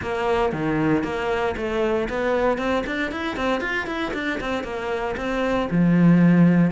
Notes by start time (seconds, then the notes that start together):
0.01 A#3
0.52 D#3
1.03 A#3
1.56 A3
2.09 B3
2.58 C4
2.86 D4
3.11 E4
3.36 C4
3.60 F4
3.86 E4
4.13 D4
4.40 C4
4.63 A#3
5.17 C4
5.70 F3